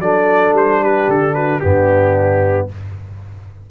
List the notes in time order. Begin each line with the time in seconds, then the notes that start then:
0.00 F#3 D4 A4 D5
0.53 G3 C5
0.82 G4 B4
1.09 D3 A4
1.35 F#4 B4
1.60 G2 B3 D4 G4